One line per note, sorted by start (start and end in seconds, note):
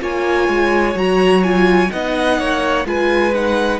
0.00 0.49 A#3
0.00 0.95 F4
0.00 1.92 C#5
0.00 0.98 G#5
0.49 0.95 G#3
0.95 1.90 F#3
0.95 1.43 F#4
0.95 1.44 A#5
1.44 1.89 F4
1.44 1.91 G#5
1.89 2.40 B3
1.89 2.85 D#4
1.89 2.39 D#5
1.89 2.87 F#5
2.39 2.85 A#3
2.39 2.87 C#5
2.85 3.80 G#3
2.85 3.34 F4
2.85 3.80 B4
2.85 3.35 G#5
3.35 3.80 D#4
3.35 3.80 F#5